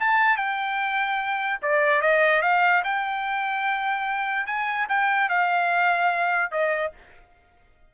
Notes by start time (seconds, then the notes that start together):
0.00 A5
0.37 G5
1.62 D5
2.01 D#5
2.42 F5
2.84 G5
4.46 G#5
4.89 G5
5.29 F5
6.51 D#5